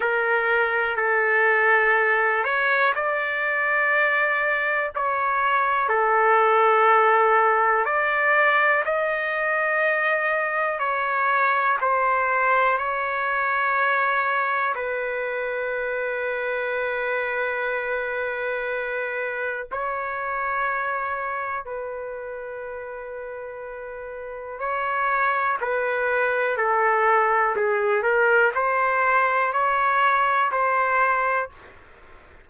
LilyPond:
\new Staff \with { instrumentName = "trumpet" } { \time 4/4 \tempo 4 = 61 ais'4 a'4. cis''8 d''4~ | d''4 cis''4 a'2 | d''4 dis''2 cis''4 | c''4 cis''2 b'4~ |
b'1 | cis''2 b'2~ | b'4 cis''4 b'4 a'4 | gis'8 ais'8 c''4 cis''4 c''4 | }